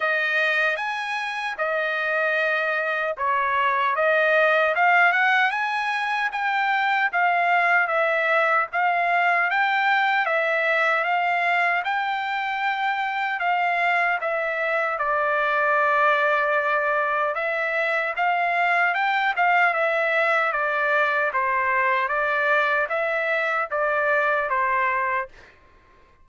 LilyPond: \new Staff \with { instrumentName = "trumpet" } { \time 4/4 \tempo 4 = 76 dis''4 gis''4 dis''2 | cis''4 dis''4 f''8 fis''8 gis''4 | g''4 f''4 e''4 f''4 | g''4 e''4 f''4 g''4~ |
g''4 f''4 e''4 d''4~ | d''2 e''4 f''4 | g''8 f''8 e''4 d''4 c''4 | d''4 e''4 d''4 c''4 | }